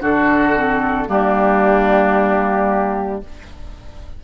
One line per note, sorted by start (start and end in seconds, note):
0.00 1.08 D3
0.00 0.54 D4
0.00 1.08 F#4
0.00 1.10 A4
0.55 1.06 C4
1.06 3.23 G3
1.06 3.21 A#3
1.06 3.22 D4
1.06 3.24 G4